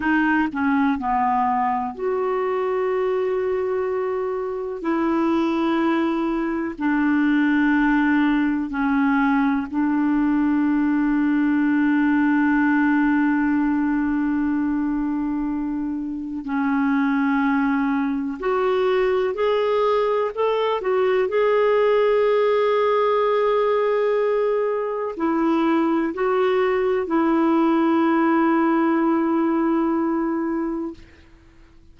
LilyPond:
\new Staff \with { instrumentName = "clarinet" } { \time 4/4 \tempo 4 = 62 dis'8 cis'8 b4 fis'2~ | fis'4 e'2 d'4~ | d'4 cis'4 d'2~ | d'1~ |
d'4 cis'2 fis'4 | gis'4 a'8 fis'8 gis'2~ | gis'2 e'4 fis'4 | e'1 | }